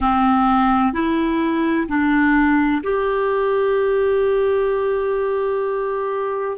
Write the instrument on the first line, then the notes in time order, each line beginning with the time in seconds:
clarinet
0.00 C4
0.93 E4
1.88 D4
2.83 G4